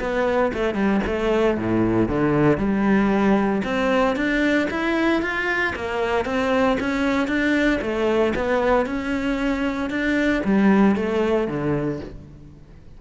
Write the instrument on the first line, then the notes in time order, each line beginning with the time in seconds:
cello
0.00 B3
0.53 A3
0.74 G3
1.07 A3
1.58 A2
2.09 D3
2.58 G3
3.64 C4
4.16 D4
4.71 E4
5.22 F4
5.76 A#3
6.25 C4
6.80 C#4
7.28 D4
7.81 A3
8.35 B3
8.86 C#4
9.90 D4
10.45 G3
10.96 A3
11.48 D3